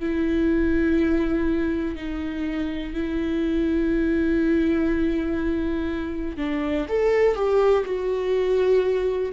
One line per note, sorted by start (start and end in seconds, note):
0.00 1.96 E4
1.96 2.94 D#4
2.94 6.38 E4
6.38 6.87 D4
6.89 7.35 A4
7.35 7.85 G4
7.86 9.33 F#4